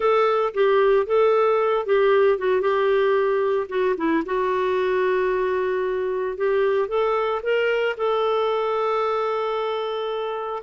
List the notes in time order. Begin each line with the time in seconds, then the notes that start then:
0.00 A4
0.54 G4
1.06 A4
1.86 G4
2.38 F#4
2.61 G4
3.69 F#4
3.97 E4
4.25 F#4
6.37 G4
6.88 A4
7.42 A#4
7.97 A4